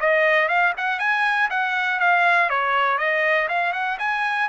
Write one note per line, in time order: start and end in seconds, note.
0.00 0.48 D#5
0.48 0.73 F5
0.77 1.00 F#5
1.00 1.50 G#5
1.50 2.00 F#5
2.00 2.50 F5
2.50 2.98 C#5
2.98 3.48 D#5
3.48 3.73 F5
3.73 3.98 F#5
3.99 4.49 G#5